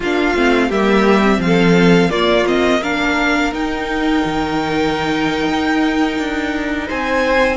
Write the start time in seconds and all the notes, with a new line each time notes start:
0.00 A#3 D4 F4 F5
0.35 A3 C4
0.68 G3 A#3 G4 E5
1.22 C4
1.38 F3 F5
1.45 A4
2.09 A#3 F4 D5
2.46 C4 D#5
2.81 D4 A#4 F5
3.52 D#4 G5
4.24 D#3
5.48 D#4
6.18 D4
6.87 C4 C5 G#5